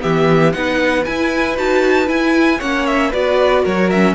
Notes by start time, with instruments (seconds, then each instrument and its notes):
0.00 cello E3, viola B3, violin G4 E5
0.52 cello B3, viola D#4, violin B4 F#5
1.04 viola E4, cello E4, violin G#5
1.57 cello D#4, viola F#4, violin A5
2.06 viola E4, cello E4, violin G#5
2.58 cello A#3, viola C#4, violin C#5 F#5
2.86 violin E5
3.10 cello B3, viola F#4, violin B4 D5
3.62 cello F#3, violin A#4 C#5
3.89 viola C#4, violin E5